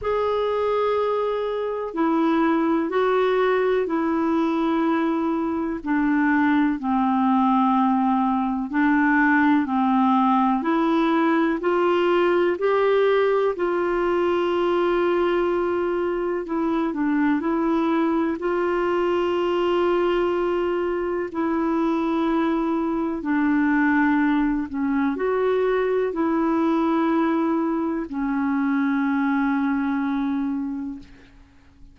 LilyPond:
\new Staff \with { instrumentName = "clarinet" } { \time 4/4 \tempo 4 = 62 gis'2 e'4 fis'4 | e'2 d'4 c'4~ | c'4 d'4 c'4 e'4 | f'4 g'4 f'2~ |
f'4 e'8 d'8 e'4 f'4~ | f'2 e'2 | d'4. cis'8 fis'4 e'4~ | e'4 cis'2. | }